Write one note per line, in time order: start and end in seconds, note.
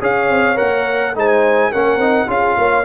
0.00 0.30 C#4
0.00 0.56 G#4
0.00 1.14 C#5
0.00 0.57 F5
0.30 0.58 C4
0.56 1.15 A#3
0.56 1.13 A#4
0.56 1.15 F#5
1.15 1.72 G#3
1.15 1.72 D#4
1.15 1.70 C5
1.15 1.72 G#5
1.70 1.97 A#3
1.70 2.00 C#4
1.70 2.27 A#4
1.70 2.30 F#5
1.97 2.25 C4
1.97 2.27 D#4
2.27 2.56 C#4
2.27 2.84 F4
2.27 2.58 G#4
2.27 2.85 F5
2.57 2.85 A#3
2.57 2.85 C#5